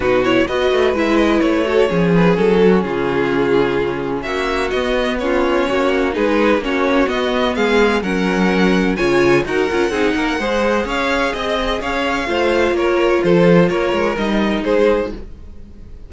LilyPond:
<<
  \new Staff \with { instrumentName = "violin" } { \time 4/4 \tempo 4 = 127 b'8 cis''8 dis''4 e''8 dis''8 cis''4~ | cis''8 b'8 a'4 gis'2~ | gis'4 e''4 dis''4 cis''4~ | cis''4 b'4 cis''4 dis''4 |
f''4 fis''2 gis''4 | fis''2. f''4 | dis''4 f''2 cis''4 | c''4 cis''4 dis''4 c''4 | }
  \new Staff \with { instrumentName = "violin" } { \time 4/4 fis'4 b'2~ b'8 a'8 | gis'4. fis'8 f'2~ | f'4 fis'2 f'4 | fis'4 gis'4 fis'2 |
gis'4 ais'2 cis''4 | ais'4 gis'8 ais'8 c''4 cis''4 | dis''4 cis''4 c''4 ais'4 | a'4 ais'2 gis'4 | }
  \new Staff \with { instrumentName = "viola" } { \time 4/4 dis'8 e'8 fis'4 e'4. fis'8 | cis'1~ | cis'2 b4 cis'4~ | cis'4 dis'4 cis'4 b4~ |
b4 cis'2 f'4 | fis'8 f'8 dis'4 gis'2~ | gis'2 f'2~ | f'2 dis'2 | }
  \new Staff \with { instrumentName = "cello" } { \time 4/4 b,4 b8 a8 gis4 a4 | f4 fis4 cis2~ | cis4 ais4 b2 | ais4 gis4 ais4 b4 |
gis4 fis2 cis4 | dis'8 cis'8 c'8 ais8 gis4 cis'4 | c'4 cis'4 a4 ais4 | f4 ais8 gis8 g4 gis4 | }
>>